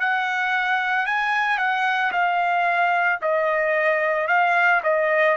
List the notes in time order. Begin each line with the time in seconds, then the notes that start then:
0.00 F#5
1.06 G#5
1.58 F#5
2.12 F5
3.21 D#5
4.28 F5
4.83 D#5